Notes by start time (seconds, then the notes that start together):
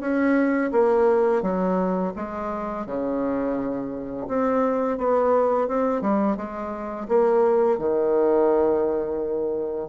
0.00 C#4
0.72 A#3
1.42 F#3
2.16 G#3
2.86 C#3
4.27 C4
4.97 B3
5.68 C4
6.01 G3
6.36 G#3
7.08 A#3
7.78 D#3